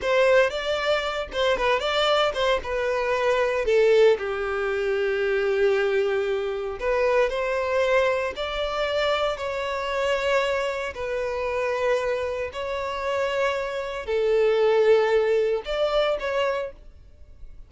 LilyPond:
\new Staff \with { instrumentName = "violin" } { \time 4/4 \tempo 4 = 115 c''4 d''4. c''8 b'8 d''8~ | d''8 c''8 b'2 a'4 | g'1~ | g'4 b'4 c''2 |
d''2 cis''2~ | cis''4 b'2. | cis''2. a'4~ | a'2 d''4 cis''4 | }